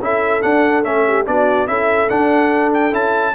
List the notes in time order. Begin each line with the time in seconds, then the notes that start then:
0.00 C#4 E4 A4 E5
0.42 D4 F#5
0.84 A3 C#4 E5
1.07 G4
1.26 B3 D4 F#4 D5
1.67 C#4 E4 A4 E5
2.10 D4 F#5
2.74 G5
2.92 C#4 E4 A5